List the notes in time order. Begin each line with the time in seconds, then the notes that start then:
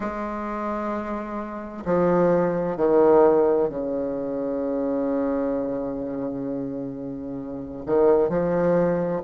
0.00 G#3
1.85 F3
2.77 D#3
3.69 C#3
7.86 D#3
8.29 F3